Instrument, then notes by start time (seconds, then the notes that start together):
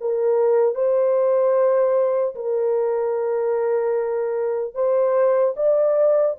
horn
0.00 A#4
0.75 C5
2.35 A#4
4.74 C5
5.56 D5